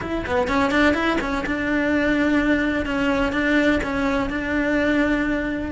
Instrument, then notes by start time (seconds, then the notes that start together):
cello
0.01 E4
0.26 B3
0.48 C#4
0.71 D4
0.94 E4
1.20 C#4
1.45 D4
2.85 C#4
3.32 D4
3.83 C#4
4.29 D4